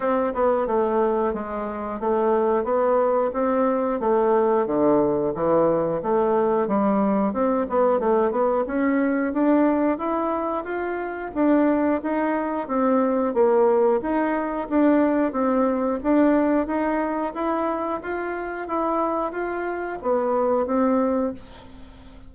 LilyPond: \new Staff \with { instrumentName = "bassoon" } { \time 4/4 \tempo 4 = 90 c'8 b8 a4 gis4 a4 | b4 c'4 a4 d4 | e4 a4 g4 c'8 b8 | a8 b8 cis'4 d'4 e'4 |
f'4 d'4 dis'4 c'4 | ais4 dis'4 d'4 c'4 | d'4 dis'4 e'4 f'4 | e'4 f'4 b4 c'4 | }